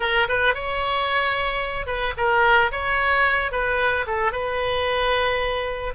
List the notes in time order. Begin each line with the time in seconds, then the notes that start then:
0.00 A#4
0.28 B4
0.54 C#5
1.86 B4
2.17 A#4
2.71 C#5
3.51 B4
4.07 A4
4.31 B4